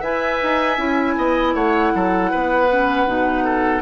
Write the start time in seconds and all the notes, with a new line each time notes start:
0.00 E4 B4 E5 G#5
0.43 D#4
0.78 C#4 E4
1.17 B3 D#5
1.55 A3 C#5 F#5
1.94 F#3 A4
2.31 B3 B4
2.71 C#4
3.07 B2 D#4
3.44 A4